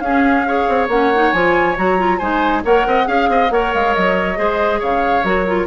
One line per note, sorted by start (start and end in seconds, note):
0.00 0.65 C#4
0.00 0.46 C#4
0.00 0.47 G#4
0.00 0.87 F5
0.46 0.90 G#4
0.46 2.19 C#5
0.69 0.88 C4
0.88 1.32 A#3
0.88 1.14 C#4
0.88 1.32 F#5
1.14 1.34 D#4
1.32 1.77 F3
1.32 1.76 F4
1.32 1.76 G#5
1.76 2.21 F#3
1.76 1.98 F#4
1.76 2.18 A#5
1.98 2.20 F4
2.18 2.64 G#3
2.18 2.64 D#4
2.18 2.62 C5
2.18 2.62 G#5
2.64 2.86 A#3
2.64 3.05 A#4
2.64 2.87 C#5
2.64 3.08 F#5
2.87 3.08 C4
2.87 3.07 D#5
3.05 3.29 C#4
3.05 3.49 G#4
3.05 3.29 F5
3.05 3.51 F5
3.29 3.50 C4
3.29 3.53 D#5
3.50 3.72 A#3
3.50 4.36 A#4
3.50 4.39 C#5
3.50 3.73 F#5
3.74 3.96 G#3
3.74 3.94 F5
3.94 4.38 F#3
3.94 4.81 D#5
4.36 4.81 G#3
4.36 5.23 G#4
4.36 4.79 C5
4.79 5.24 C#3
4.79 5.66 C#5
4.79 5.24 F5
5.24 5.67 F#3
5.24 5.46 F#4
5.24 5.67 A#4
5.47 5.67 F4